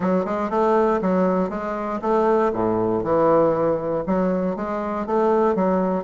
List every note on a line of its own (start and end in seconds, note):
0.00 0.25 F#3
0.25 0.50 G#3
0.50 1.00 A3
1.01 1.49 F#3
1.49 2.00 G#3
2.01 2.52 A3
2.53 3.03 A2
3.03 4.04 E3
4.06 4.56 F#3
4.56 5.06 G#3
5.06 5.55 A3
5.55 6.04 F#3